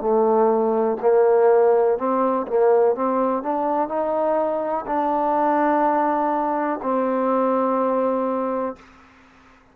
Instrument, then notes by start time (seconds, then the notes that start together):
trombone
0.00 A3
1.01 A#3
1.98 C4
2.47 A#3
2.95 C4
3.43 D4
3.88 D#4
4.86 D4
6.82 C4